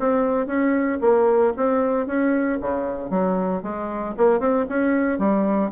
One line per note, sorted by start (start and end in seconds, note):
0.00 0.47 C4
0.47 0.99 C#4
1.02 1.54 A#3
1.57 2.07 C4
2.07 2.59 C#4
2.62 3.11 C#3
3.11 3.63 F#3
3.63 4.15 G#3
4.18 4.40 A#3
4.40 4.66 C4
4.69 5.19 C#4
5.19 5.71 G3